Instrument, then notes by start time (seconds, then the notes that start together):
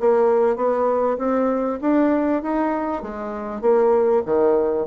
bassoon
0.00 A#3
0.56 B3
1.18 C4
1.81 D4
2.42 D#4
3.02 G#3
3.61 A#3
4.26 D#3